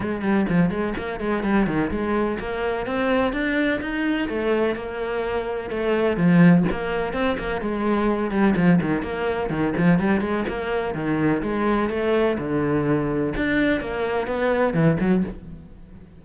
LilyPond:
\new Staff \with { instrumentName = "cello" } { \time 4/4 \tempo 4 = 126 gis8 g8 f8 gis8 ais8 gis8 g8 dis8 | gis4 ais4 c'4 d'4 | dis'4 a4 ais2 | a4 f4 ais4 c'8 ais8 |
gis4. g8 f8 dis8 ais4 | dis8 f8 g8 gis8 ais4 dis4 | gis4 a4 d2 | d'4 ais4 b4 e8 fis8 | }